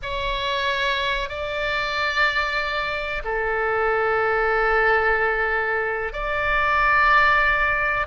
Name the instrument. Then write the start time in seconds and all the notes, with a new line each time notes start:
oboe
0.02 C#5
1.29 D5
3.24 A4
6.12 D5